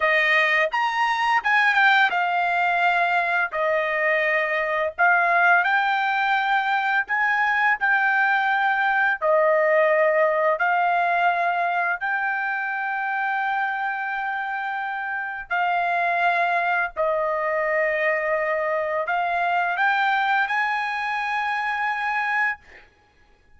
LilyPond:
\new Staff \with { instrumentName = "trumpet" } { \time 4/4 \tempo 4 = 85 dis''4 ais''4 gis''8 g''8 f''4~ | f''4 dis''2 f''4 | g''2 gis''4 g''4~ | g''4 dis''2 f''4~ |
f''4 g''2.~ | g''2 f''2 | dis''2. f''4 | g''4 gis''2. | }